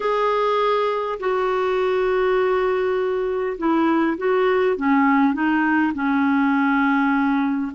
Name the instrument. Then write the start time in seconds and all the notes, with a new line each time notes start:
clarinet
0.00 G#4
1.19 F#4
3.58 E4
4.17 F#4
4.76 C#4
5.33 D#4
5.94 C#4